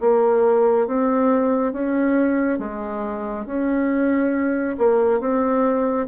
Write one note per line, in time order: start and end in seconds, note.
0.00 0.87 A#3
0.87 1.72 C4
1.72 2.58 C#4
2.58 3.45 G#3
3.46 4.76 C#4
4.77 5.20 A#3
5.20 6.07 C4